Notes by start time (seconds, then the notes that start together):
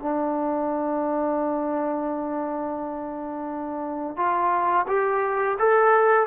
0.00 D4
4.17 F4
4.88 G4
5.59 A4